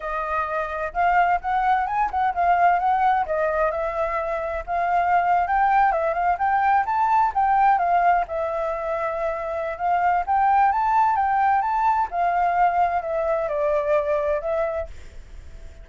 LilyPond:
\new Staff \with { instrumentName = "flute" } { \time 4/4 \tempo 4 = 129 dis''2 f''4 fis''4 | gis''8 fis''8 f''4 fis''4 dis''4 | e''2 f''4.~ f''16 g''16~ | g''8. e''8 f''8 g''4 a''4 g''16~ |
g''8. f''4 e''2~ e''16~ | e''4 f''4 g''4 a''4 | g''4 a''4 f''2 | e''4 d''2 e''4 | }